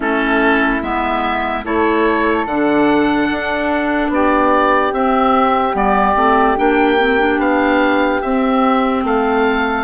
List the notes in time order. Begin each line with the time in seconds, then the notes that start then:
0.00 A3 C#4 E4 A4
0.82 G#3 B3 E5
1.64 A3 E4 A4 C#5
2.46 D3 D4 F#5
3.31 D4
4.09 B3 G4 D5
4.92 C4 E5
5.72 G3 B3 D5
6.15 A3 C4
6.56 A#3 D4 G5
6.98 C4
7.18 D4
7.38 B3 F5
8.21 C4 E5
9.03 A3 A4 F5